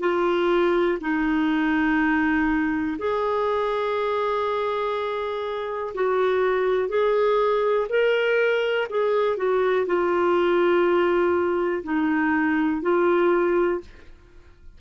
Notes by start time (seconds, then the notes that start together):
0.00 F4
1.01 D#4
2.98 G#4
5.94 F#4
6.89 G#4
7.89 A#4
8.89 G#4
9.37 F#4
9.86 F4
11.83 D#4
12.82 F4